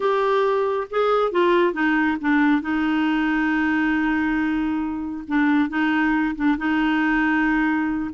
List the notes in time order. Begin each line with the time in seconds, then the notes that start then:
0.00 G4
0.90 G#4
1.31 F4
1.73 D#4
2.20 D4
2.61 D#4
5.27 D4
5.69 D#4
6.35 D4
6.57 D#4